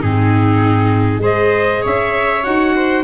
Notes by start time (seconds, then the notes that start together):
0.00 G#2 C4 D#4 G#4
1.18 G#3 G#4 C5
1.25 D#5
1.82 C#4 C#5 E5
2.43 D#4 F#4 F#5
2.76 C5